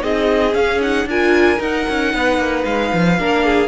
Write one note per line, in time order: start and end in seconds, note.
0.00 0.54 C4
0.00 0.53 D#4
0.00 1.08 G#4
0.00 0.54 D#5
0.54 0.80 C#4
0.54 1.05 C#4
0.54 0.80 F5
0.81 1.08 D#4
0.81 1.08 F#5
1.05 1.58 D4
1.05 1.58 F4
1.05 2.14 A#4
1.05 1.62 G#5
1.58 3.16 D#4
1.58 1.86 D#4
1.58 2.65 F#5
1.89 2.14 C#4
2.14 2.37 B3
2.14 3.19 B4
2.37 2.64 A#3
2.65 2.92 G#3
2.65 3.68 F5
2.93 3.19 F3
3.19 3.68 A#3
3.19 3.68 D4
3.19 3.45 A#4
3.45 3.68 G#4